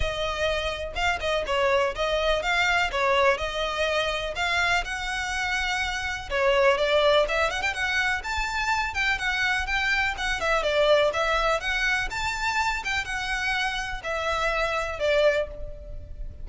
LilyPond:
\new Staff \with { instrumentName = "violin" } { \time 4/4 \tempo 4 = 124 dis''2 f''8 dis''8 cis''4 | dis''4 f''4 cis''4 dis''4~ | dis''4 f''4 fis''2~ | fis''4 cis''4 d''4 e''8 fis''16 g''16 |
fis''4 a''4. g''8 fis''4 | g''4 fis''8 e''8 d''4 e''4 | fis''4 a''4. g''8 fis''4~ | fis''4 e''2 d''4 | }